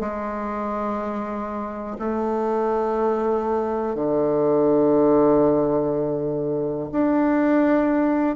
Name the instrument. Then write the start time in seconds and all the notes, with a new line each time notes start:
bassoon
0.00 G#3
1.99 A3
3.95 D3
6.92 D4